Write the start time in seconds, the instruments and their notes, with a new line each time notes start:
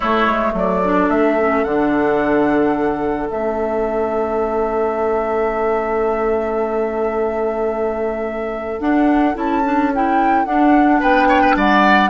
0.00 clarinet A3, bassoon A3, oboe E4, flute C#5
0.26 bassoon G#3
0.52 bassoon F#3, oboe A4, flute D5
0.84 clarinet D4
1.08 bassoon A3, flute E5
1.39 clarinet C#4
1.64 bassoon D3, clarinet D4, flute F#5
3.30 bassoon A3, clarinet C#4, flute E5
8.80 clarinet D4, bassoon D4, flute F#5
9.34 bassoon C#4, clarinet E4, flute A5
9.64 clarinet D4
9.94 clarinet E4, flute G5
10.45 bassoon D4, clarinet D4, flute F#5
11.00 bassoon B3, oboe B4, flute G5
11.28 oboe C#5
11.41 oboe B4
11.56 bassoon G3, oboe D5, flute F#5